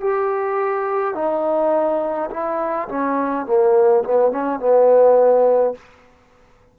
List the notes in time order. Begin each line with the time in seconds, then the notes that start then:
0.00 G4
1.14 D#4
2.30 E4
2.88 C#4
3.46 A#3
4.04 B3
4.31 C#4
4.59 B3